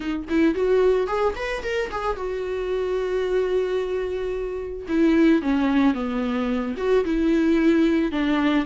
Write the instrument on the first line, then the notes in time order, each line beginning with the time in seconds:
viola
0.00 D#4
0.29 E4
0.54 F#4
1.07 G#4
1.35 B4
1.62 A#4
1.91 G#4
2.16 F#4
4.88 E4
5.42 C#4
5.94 B3
6.77 F#4
7.04 E4
8.11 D4